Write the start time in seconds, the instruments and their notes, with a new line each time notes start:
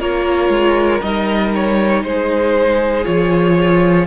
0.00 cello A#3, viola F4, violin A#4 C#5
0.49 cello G#3
1.01 cello G3, viola D#4, violin D#5
1.55 violin C#5
2.04 cello G#3, violin G#4 C5
3.04 cello F3, viola F4, violin C#5